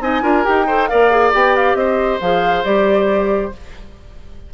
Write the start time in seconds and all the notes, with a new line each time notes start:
0.00 C4 D#4 D#5 G#5
0.22 D4 F4 A#4
0.44 D#4 G4 G5
0.67 A4 C5
0.88 A#3 A#4 D5 F5
1.11 G#4
1.33 B3 G4 G5
1.56 F5
1.74 C4 C5 D#5
2.21 F3 G#4 F5
2.64 G3 G4 D5